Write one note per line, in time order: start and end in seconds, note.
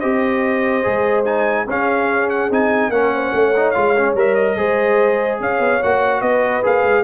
0.00 0.86 C4
0.00 0.83 G4
0.00 1.66 C5
0.00 1.24 D#5
0.83 1.67 G#3
0.83 1.25 G#4
1.25 1.67 D#4
1.25 1.66 G#5
1.67 2.50 C#4
1.67 2.51 C#4
1.67 2.92 G#4
1.67 2.30 F5
2.30 2.51 F#5
2.50 2.89 C4
2.50 2.92 D#4
2.50 2.91 G#5
2.89 3.31 A#3
2.89 3.55 C#4
2.89 3.13 A#4
2.89 3.71 F#5
3.14 3.35 C5
3.33 3.74 A3
3.33 4.58 C#5
3.57 3.75 D#4
3.71 4.15 G#3
3.71 3.96 F4
3.71 4.12 F5
3.97 4.16 C#4
4.15 4.56 G3
4.15 4.57 A#4
4.15 4.35 E5
4.35 5.38 D#5
4.57 5.40 G#3
4.57 5.81 G#4
4.57 5.41 C5
5.40 5.59 C#4
5.40 6.21 C#5
5.40 5.83 F5
5.59 5.80 B3
5.83 6.22 A#3
5.83 6.63 F#4
5.83 6.22 F#5
6.21 6.63 B3
6.21 7.04 B4
6.21 6.63 D#5
6.63 6.84 A#3
6.63 7.04 G#4
6.63 7.04 F5
6.84 7.04 G#3